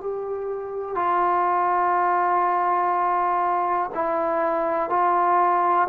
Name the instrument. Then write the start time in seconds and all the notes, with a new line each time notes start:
trombone
0.00 G4
0.95 F4
3.94 E4
4.90 F4